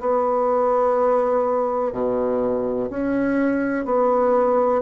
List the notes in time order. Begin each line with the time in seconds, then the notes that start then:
0.00 B3
1.92 B2
2.90 C#4
3.85 B3